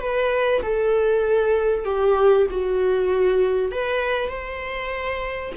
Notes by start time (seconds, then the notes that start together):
0.00 B4
0.62 A4
1.85 G4
2.51 F#4
3.71 B4
4.29 C5